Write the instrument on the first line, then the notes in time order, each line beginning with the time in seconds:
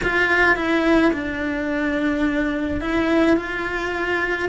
cello
0.03 F4
0.56 E4
1.12 D4
2.80 E4
3.36 F4